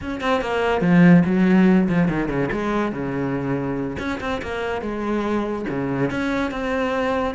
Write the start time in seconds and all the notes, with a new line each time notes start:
0.01 C#4
0.20 C4
0.41 A#3
0.81 F3
1.25 F#3
1.88 F3
2.08 D#3
2.28 C#3
2.51 G#3
2.92 C#3
3.98 C#4
4.20 C4
4.42 A#3
4.81 G#3
5.69 C#3
6.10 C#4
6.51 C4